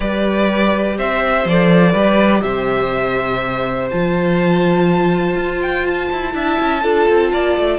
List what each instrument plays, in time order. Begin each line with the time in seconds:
0.00 cello G3, viola G4, violin B4 D5
0.97 cello C4, violin C5 E5
1.45 cello F3, viola A4, violin D5
1.91 cello G3, viola G4, violin B4
2.41 cello C3, violin C5 E5
3.90 cello F3, viola F4, violin A5
5.36 cello F4
5.62 violin G5
5.86 violin A5
6.12 cello E4
6.31 cello D4, viola E4, violin E5
6.60 cello C#4
6.82 cello D4, viola F4, violin A4
7.09 cello C4
7.32 cello A#3, violin D5
7.57 cello A3